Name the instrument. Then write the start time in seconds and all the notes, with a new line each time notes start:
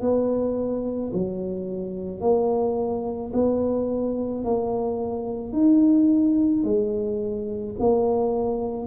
tuba
0.00 B3
1.13 F#3
2.20 A#3
3.33 B3
4.44 A#3
5.52 D#4
6.64 G#3
7.79 A#3